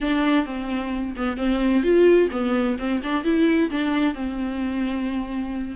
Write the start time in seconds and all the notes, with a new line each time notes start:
0.00 D4
0.45 C4
1.16 B3
1.37 C4
1.83 F4
2.31 B3
2.78 C4
3.03 D4
3.23 E4
3.70 D4
4.14 C4